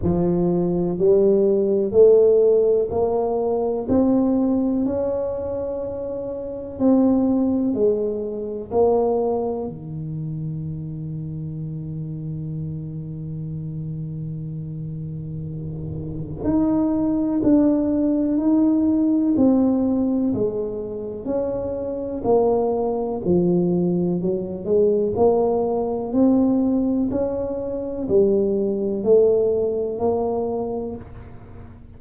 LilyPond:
\new Staff \with { instrumentName = "tuba" } { \time 4/4 \tempo 4 = 62 f4 g4 a4 ais4 | c'4 cis'2 c'4 | gis4 ais4 dis2~ | dis1~ |
dis4 dis'4 d'4 dis'4 | c'4 gis4 cis'4 ais4 | f4 fis8 gis8 ais4 c'4 | cis'4 g4 a4 ais4 | }